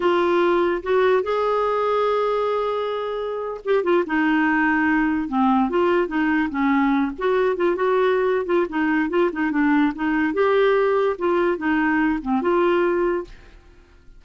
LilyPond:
\new Staff \with { instrumentName = "clarinet" } { \time 4/4 \tempo 4 = 145 f'2 fis'4 gis'4~ | gis'1~ | gis'8. g'8 f'8 dis'2~ dis'16~ | dis'8. c'4 f'4 dis'4 cis'16~ |
cis'4~ cis'16 fis'4 f'8 fis'4~ fis'16~ | fis'8 f'8 dis'4 f'8 dis'8 d'4 | dis'4 g'2 f'4 | dis'4. c'8 f'2 | }